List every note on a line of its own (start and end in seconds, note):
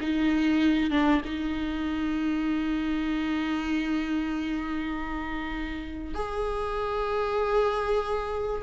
0.00 0.90 D#4
0.90 1.21 D4
1.24 6.14 D#4
6.14 8.61 G#4